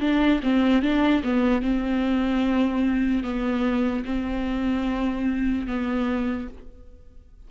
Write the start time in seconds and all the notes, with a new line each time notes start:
0.00 D4
0.43 C4
0.82 D4
1.23 B3
1.62 C4
3.23 B3
4.05 C4
5.66 B3